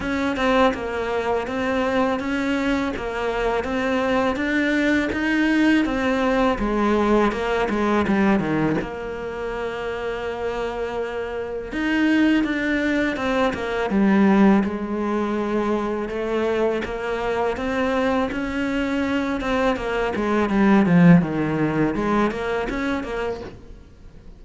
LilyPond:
\new Staff \with { instrumentName = "cello" } { \time 4/4 \tempo 4 = 82 cis'8 c'8 ais4 c'4 cis'4 | ais4 c'4 d'4 dis'4 | c'4 gis4 ais8 gis8 g8 dis8 | ais1 |
dis'4 d'4 c'8 ais8 g4 | gis2 a4 ais4 | c'4 cis'4. c'8 ais8 gis8 | g8 f8 dis4 gis8 ais8 cis'8 ais8 | }